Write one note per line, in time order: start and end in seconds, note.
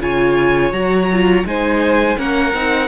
0.00 0.72 C#3
0.00 0.73 F4
0.00 1.48 C#5
0.00 0.73 G#5
0.72 1.44 F#3
0.72 1.09 F#4
0.72 1.45 A#5
1.13 1.46 F4
1.45 2.17 G#3
1.45 2.17 D#4
1.45 2.19 C5
1.45 2.19 G#5
2.17 2.54 A#3
2.17 2.53 C#4
2.17 2.88 A#4
2.17 2.88 F#5
2.54 2.88 C4
2.54 2.88 D#4